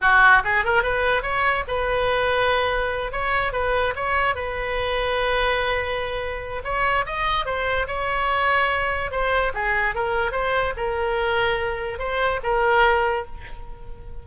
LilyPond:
\new Staff \with { instrumentName = "oboe" } { \time 4/4 \tempo 4 = 145 fis'4 gis'8 ais'8 b'4 cis''4 | b'2.~ b'8 cis''8~ | cis''8 b'4 cis''4 b'4.~ | b'1 |
cis''4 dis''4 c''4 cis''4~ | cis''2 c''4 gis'4 | ais'4 c''4 ais'2~ | ais'4 c''4 ais'2 | }